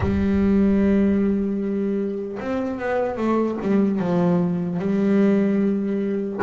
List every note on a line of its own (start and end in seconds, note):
0.00 2.38 G3
2.39 2.78 C4
2.78 3.17 B3
3.17 3.57 A3
3.61 3.99 G3
3.99 4.79 F3
4.79 6.39 G3